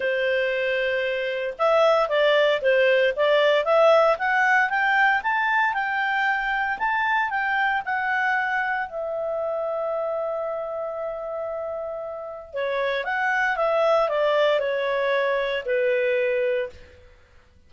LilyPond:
\new Staff \with { instrumentName = "clarinet" } { \time 4/4 \tempo 4 = 115 c''2. e''4 | d''4 c''4 d''4 e''4 | fis''4 g''4 a''4 g''4~ | g''4 a''4 g''4 fis''4~ |
fis''4 e''2.~ | e''1 | cis''4 fis''4 e''4 d''4 | cis''2 b'2 | }